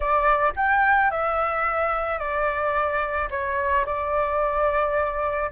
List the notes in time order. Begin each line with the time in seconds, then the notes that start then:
0.00 D5
0.56 G5
1.10 E5
2.18 D5
3.30 C#5
3.85 D5